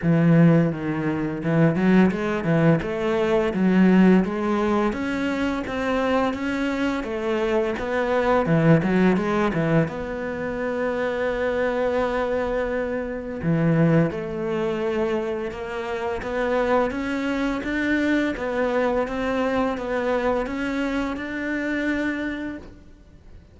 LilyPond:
\new Staff \with { instrumentName = "cello" } { \time 4/4 \tempo 4 = 85 e4 dis4 e8 fis8 gis8 e8 | a4 fis4 gis4 cis'4 | c'4 cis'4 a4 b4 | e8 fis8 gis8 e8 b2~ |
b2. e4 | a2 ais4 b4 | cis'4 d'4 b4 c'4 | b4 cis'4 d'2 | }